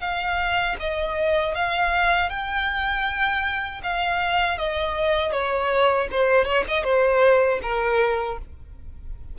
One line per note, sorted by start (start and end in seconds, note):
0.00 0.76 F5
0.79 1.55 D#5
1.55 2.29 F5
2.29 3.81 G5
3.83 4.58 F5
4.58 5.32 D#5
5.32 6.08 C#5
6.11 6.45 C5
6.45 6.64 C#5
6.68 6.83 D#5
6.83 7.59 C5
7.62 8.38 A#4